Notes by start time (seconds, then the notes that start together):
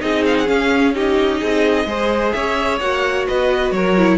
0.00 C4 D#4 G#4 D#5
0.26 F5
0.38 F#5
0.46 C#4 F5
0.95 D#4 G4 D#5
1.41 C4 G#4
1.86 G#3 G#4 C5
2.33 C#4 C#5 E5
2.80 A#3 F#4 F#5
3.28 B3 B4 D#5
3.71 F#3 A#4 C#5
3.98 E4